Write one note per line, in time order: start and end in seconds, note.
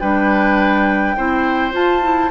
0.00 1.17 G3
0.00 1.17 D4
0.00 1.16 B4
0.00 1.73 G5
1.17 1.74 C4
1.17 1.72 E4
1.17 2.31 C5
1.72 2.01 F4
1.72 2.31 F4
1.72 2.31 A5
2.02 2.31 E4